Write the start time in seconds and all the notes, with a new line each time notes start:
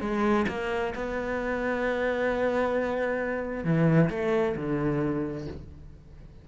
0.00 G#3
0.48 A#3
0.94 B3
3.64 E3
4.10 A3
4.56 D3